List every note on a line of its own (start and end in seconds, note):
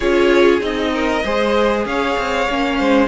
0.00 0.60 C#4
0.00 0.60 F4
0.00 0.90 G#4
0.00 0.60 C#5
0.60 1.22 C4
0.60 1.21 D#4
0.60 1.85 D#5
0.94 1.23 A#4
1.23 1.85 G#3
1.23 2.48 G#4
1.23 1.85 C5
1.85 2.16 C#4
1.85 2.78 C#5
1.85 3.07 F5
2.17 2.48 C4
2.49 2.79 A#3
2.49 3.07 C#4
2.78 3.07 G#3
2.78 3.07 C5